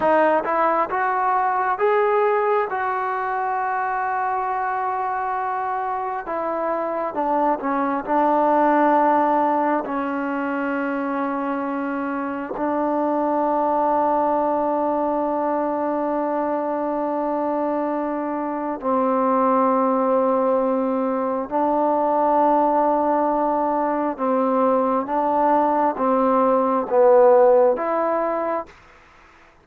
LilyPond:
\new Staff \with { instrumentName = "trombone" } { \time 4/4 \tempo 4 = 67 dis'8 e'8 fis'4 gis'4 fis'4~ | fis'2. e'4 | d'8 cis'8 d'2 cis'4~ | cis'2 d'2~ |
d'1~ | d'4 c'2. | d'2. c'4 | d'4 c'4 b4 e'4 | }